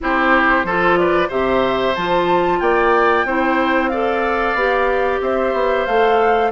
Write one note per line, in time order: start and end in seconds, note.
0.01 0.64 C4
0.01 0.66 E4
0.01 0.66 G4
0.01 0.96 C5
0.64 1.29 F3
0.64 1.29 F4
0.64 0.98 A4
0.96 1.28 B4
0.96 1.29 D5
1.28 1.95 C3
1.28 1.94 G4
1.28 2.59 C5
1.28 1.95 E5
1.95 2.61 F3
1.95 3.27 F4
1.95 2.60 A5
2.60 3.24 A#3
2.60 3.26 D5
2.60 3.88 G5
3.24 4.54 C4
3.24 3.92 E4
3.24 3.90 C5
3.88 4.57 A4
3.88 5.21 D5
3.88 5.19 F5
4.54 5.19 B3
4.54 5.87 G4
5.20 5.53 C4
5.20 6.51 C5
5.20 5.85 E5
5.53 5.86 B3
5.85 6.51 A3
5.85 6.51 A4
5.85 6.51 F5